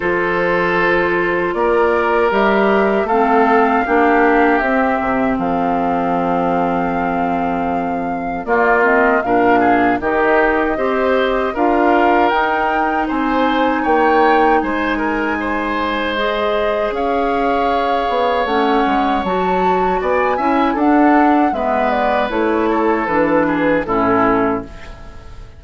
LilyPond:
<<
  \new Staff \with { instrumentName = "flute" } { \time 4/4 \tempo 4 = 78 c''2 d''4 e''4 | f''2 e''4 f''4~ | f''2. d''8 dis''8 | f''4 dis''2 f''4 |
g''4 gis''4 g''4 gis''4~ | gis''4 dis''4 f''2 | fis''4 a''4 gis''4 fis''4 | e''8 d''8 cis''4 b'4 a'4 | }
  \new Staff \with { instrumentName = "oboe" } { \time 4/4 a'2 ais'2 | a'4 g'2 a'4~ | a'2. f'4 | ais'8 gis'8 g'4 c''4 ais'4~ |
ais'4 c''4 cis''4 c''8 ais'8 | c''2 cis''2~ | cis''2 d''8 e''8 a'4 | b'4. a'4 gis'8 e'4 | }
  \new Staff \with { instrumentName = "clarinet" } { \time 4/4 f'2. g'4 | c'4 d'4 c'2~ | c'2. ais8 c'8 | d'4 dis'4 g'4 f'4 |
dis'1~ | dis'4 gis'2. | cis'4 fis'4. e'8 d'4 | b4 e'4 d'4 cis'4 | }
  \new Staff \with { instrumentName = "bassoon" } { \time 4/4 f2 ais4 g4 | a4 ais4 c'8 c8 f4~ | f2. ais4 | ais,4 dis4 c'4 d'4 |
dis'4 c'4 ais4 gis4~ | gis2 cis'4. b8 | a8 gis8 fis4 b8 cis'8 d'4 | gis4 a4 e4 a,4 | }
>>